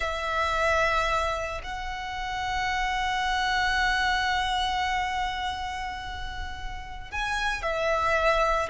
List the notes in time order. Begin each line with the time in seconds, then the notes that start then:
0.00 E5
1.63 F#5
7.11 G#5
7.62 E5